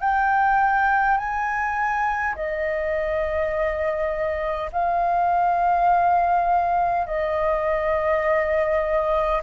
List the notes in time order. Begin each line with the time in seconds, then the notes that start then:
0.00 G5
1.17 G#5
2.35 D#5
4.72 F5
7.06 D#5